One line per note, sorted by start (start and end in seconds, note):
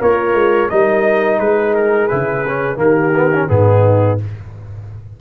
0.00 0.34 A#3
0.00 0.71 F4
0.00 0.70 A#4
0.00 0.70 C#5
0.34 0.69 G#3
0.70 1.40 G3
0.70 2.10 D#4
0.70 1.40 A#4
0.70 1.39 D#5
1.39 2.09 G#3
1.39 2.79 G#4
1.39 1.74 B4
1.75 2.08 A#4
2.08 2.77 C#3
2.08 2.45 E4
2.08 2.78 B4
2.48 2.76 C#4
2.76 3.47 D#3
2.76 3.11 A#3
2.76 3.51 G4
2.76 3.50 A#4
3.15 3.32 B3
3.33 3.48 C#4
3.48 4.20 G#2
3.48 4.18 B3
3.48 4.21 D#4
3.48 4.19 G#4